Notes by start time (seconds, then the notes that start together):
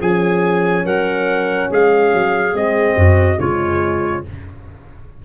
0.00 F3 C#4 G#4 G#5
0.85 F#3 A#4 F#5
1.70 G#3 G#4 F5
2.14 F#3
2.53 G#3 C4 D#5
2.96 F#2 F#4
3.39 C#3 G#3 F4 C#5